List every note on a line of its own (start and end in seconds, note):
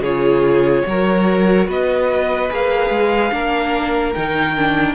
0.00 0.82 C#3
0.00 0.87 F4
0.00 0.84 G#4
0.00 1.68 C#5
0.86 1.68 F#3
0.86 2.49 F#4
0.86 1.68 A#4
1.68 2.50 B3
1.68 3.32 B4
1.68 2.53 D#5
2.49 2.90 A#3
2.49 3.31 G#4
2.49 4.14 F5
2.90 3.31 G#3
3.31 4.14 A#3
3.31 4.13 D4
3.31 4.95 A#4
4.14 4.95 D#3
4.14 4.57 D#4
4.14 4.95 G5
4.57 4.95 D4